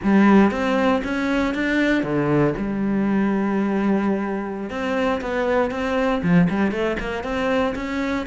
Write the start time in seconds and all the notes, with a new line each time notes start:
0.03 G3
0.51 C4
1.04 C#4
1.54 D4
2.03 D3
2.57 G3
4.70 C4
5.21 B3
5.70 C4
6.22 F3
6.49 G3
6.71 A3
6.99 A#3
7.23 C4
7.75 C#4